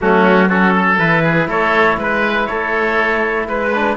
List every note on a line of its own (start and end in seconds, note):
0.01 0.98 F#3
0.01 0.49 A3
0.01 0.48 C#4
0.01 0.49 F#4
0.48 0.98 C#4
0.48 0.73 F#4
0.48 0.98 A4
0.75 1.23 A4
0.98 1.47 E3
0.98 3.70 E4
0.98 1.48 B4
1.23 1.48 G#4
1.47 1.97 A3
1.47 1.97 A4
1.47 2.00 C#5
1.97 2.47 G#3
1.97 2.48 B4
1.97 2.46 B4
2.46 3.47 A3
2.46 3.48 A4
2.46 3.45 C#5
3.47 3.97 G#3
3.47 3.97 B4
3.74 3.97 D4